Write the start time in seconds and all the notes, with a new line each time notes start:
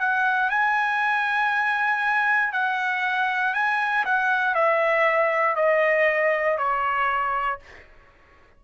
0.00 F#5
0.50 G#5
2.53 F#5
3.54 G#5
4.05 F#5
4.55 E5
5.56 D#5
6.58 C#5